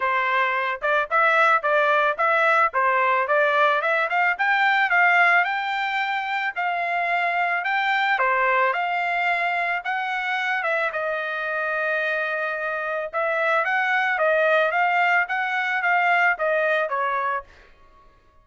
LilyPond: \new Staff \with { instrumentName = "trumpet" } { \time 4/4 \tempo 4 = 110 c''4. d''8 e''4 d''4 | e''4 c''4 d''4 e''8 f''8 | g''4 f''4 g''2 | f''2 g''4 c''4 |
f''2 fis''4. e''8 | dis''1 | e''4 fis''4 dis''4 f''4 | fis''4 f''4 dis''4 cis''4 | }